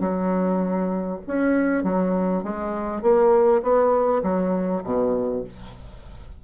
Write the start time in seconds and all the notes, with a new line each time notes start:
0.00 F#3
1.27 C#4
1.83 F#3
2.43 G#3
3.02 A#3
3.62 B3
4.23 F#3
4.84 B2